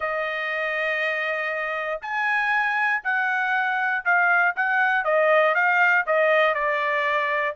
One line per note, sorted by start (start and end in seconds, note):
0.00 2.00 D#5
2.01 3.02 G#5
3.03 4.04 F#5
4.05 4.55 F5
4.55 5.04 F#5
5.04 5.54 D#5
5.54 6.05 F5
6.06 6.54 D#5
6.54 7.55 D5